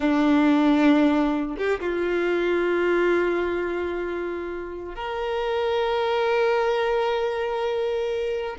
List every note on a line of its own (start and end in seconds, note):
0.00 1.56 D4
1.57 1.80 G4
1.80 4.95 F4
4.95 8.56 A#4